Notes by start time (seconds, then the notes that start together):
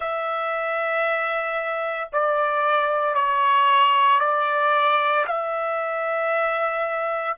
0.00 E5
2.12 D5
3.14 C#5
4.20 D5
5.26 E5